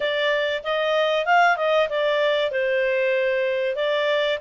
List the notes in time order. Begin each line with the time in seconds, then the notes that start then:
0.00 D5
0.63 D#5
1.25 F5
1.56 D#5
1.89 D5
2.51 C5
3.76 D5